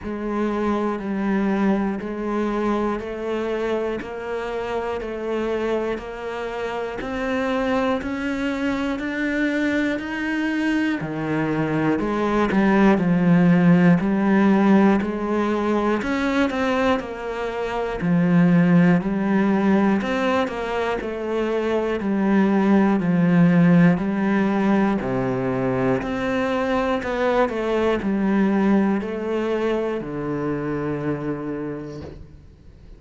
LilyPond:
\new Staff \with { instrumentName = "cello" } { \time 4/4 \tempo 4 = 60 gis4 g4 gis4 a4 | ais4 a4 ais4 c'4 | cis'4 d'4 dis'4 dis4 | gis8 g8 f4 g4 gis4 |
cis'8 c'8 ais4 f4 g4 | c'8 ais8 a4 g4 f4 | g4 c4 c'4 b8 a8 | g4 a4 d2 | }